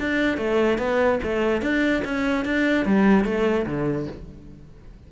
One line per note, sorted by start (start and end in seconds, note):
0.00 0.38 D4
0.38 0.78 A3
0.78 1.19 B3
1.23 1.62 A3
1.62 2.03 D4
2.05 2.45 C#4
2.45 2.85 D4
2.85 3.25 G3
3.25 3.66 A3
3.66 4.07 D3